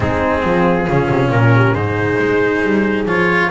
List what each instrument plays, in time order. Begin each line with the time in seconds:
0.00 double bass G#3, cello C4, horn D#4, trumpet G#4
0.44 double bass F3, horn F4
0.87 double bass C#3, cello C#4
1.10 double bass C3
1.29 double bass A#2, trumpet A#4
1.54 horn G4
1.72 double bass G#2, cello D#4, horn G#4, trumpet C5
2.18 double bass G#3
2.63 double bass G3
3.06 double bass F3, cello F4, trumpet C#5